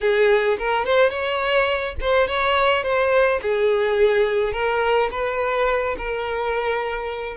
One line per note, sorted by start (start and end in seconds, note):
0.01 0.57 G#4
0.58 0.85 A#4
0.85 1.10 C5
1.10 1.95 C#5
2.01 2.27 C5
2.27 2.83 C#5
2.83 3.40 C5
3.41 4.53 G#4
4.53 5.09 A#4
5.11 5.96 B4
5.97 7.37 A#4